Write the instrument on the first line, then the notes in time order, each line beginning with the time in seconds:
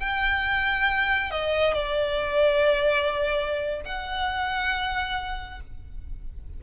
violin
0.00 G5
1.31 D#5
1.74 D5
3.86 F#5